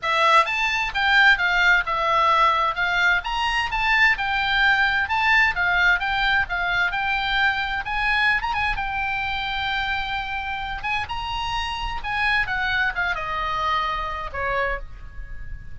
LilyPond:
\new Staff \with { instrumentName = "oboe" } { \time 4/4 \tempo 4 = 130 e''4 a''4 g''4 f''4 | e''2 f''4 ais''4 | a''4 g''2 a''4 | f''4 g''4 f''4 g''4~ |
g''4 gis''4~ gis''16 ais''16 gis''8 g''4~ | g''2.~ g''8 gis''8 | ais''2 gis''4 fis''4 | f''8 dis''2~ dis''8 cis''4 | }